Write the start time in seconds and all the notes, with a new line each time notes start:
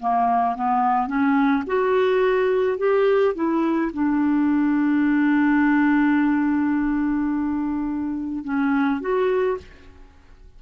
0.00 A#3
0.56 B3
1.07 C#4
1.67 F#4
2.78 G4
3.35 E4
3.93 D4
8.45 C#4
9.01 F#4